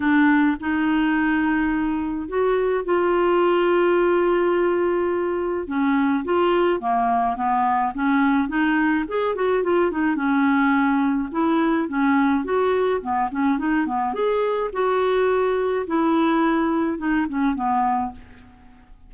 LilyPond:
\new Staff \with { instrumentName = "clarinet" } { \time 4/4 \tempo 4 = 106 d'4 dis'2. | fis'4 f'2.~ | f'2 cis'4 f'4 | ais4 b4 cis'4 dis'4 |
gis'8 fis'8 f'8 dis'8 cis'2 | e'4 cis'4 fis'4 b8 cis'8 | dis'8 b8 gis'4 fis'2 | e'2 dis'8 cis'8 b4 | }